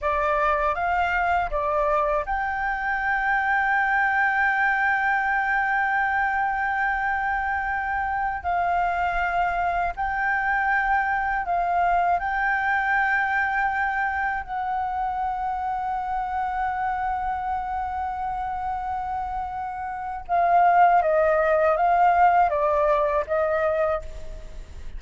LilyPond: \new Staff \with { instrumentName = "flute" } { \time 4/4 \tempo 4 = 80 d''4 f''4 d''4 g''4~ | g''1~ | g''2.~ g''16 f''8.~ | f''4~ f''16 g''2 f''8.~ |
f''16 g''2. fis''8.~ | fis''1~ | fis''2. f''4 | dis''4 f''4 d''4 dis''4 | }